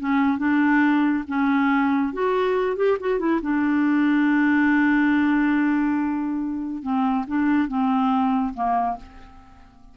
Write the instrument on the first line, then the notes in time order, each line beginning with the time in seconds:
clarinet
0.00 C#4
0.39 D4
1.28 C#4
2.14 F#4
2.77 G4
3.00 F#4
3.19 E4
3.42 D4
6.83 C4
7.27 D4
7.68 C4
8.54 A#3